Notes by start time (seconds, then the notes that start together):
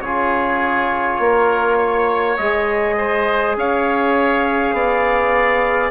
0.00 C#3 F4 G#4 C#5
1.19 A#3 A#4
1.77 C#5
2.37 G#3 G#4 D#5
2.98 C5
3.56 C#4 C#5 F5
4.73 B3 D5